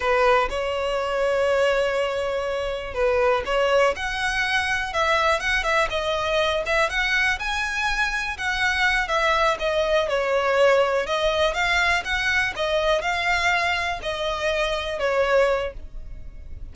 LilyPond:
\new Staff \with { instrumentName = "violin" } { \time 4/4 \tempo 4 = 122 b'4 cis''2.~ | cis''2 b'4 cis''4 | fis''2 e''4 fis''8 e''8 | dis''4. e''8 fis''4 gis''4~ |
gis''4 fis''4. e''4 dis''8~ | dis''8 cis''2 dis''4 f''8~ | f''8 fis''4 dis''4 f''4.~ | f''8 dis''2 cis''4. | }